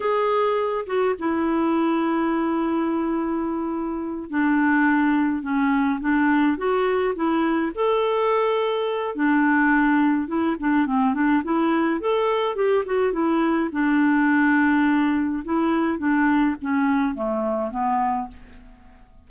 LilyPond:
\new Staff \with { instrumentName = "clarinet" } { \time 4/4 \tempo 4 = 105 gis'4. fis'8 e'2~ | e'2.~ e'8 d'8~ | d'4. cis'4 d'4 fis'8~ | fis'8 e'4 a'2~ a'8 |
d'2 e'8 d'8 c'8 d'8 | e'4 a'4 g'8 fis'8 e'4 | d'2. e'4 | d'4 cis'4 a4 b4 | }